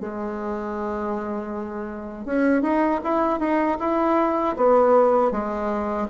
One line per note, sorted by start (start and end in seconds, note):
0.00 2.25 G#3
2.25 2.62 C#4
2.62 3.00 D#4
3.04 3.39 E4
3.39 3.77 D#4
3.79 4.55 E4
4.57 5.31 B3
5.31 6.07 G#3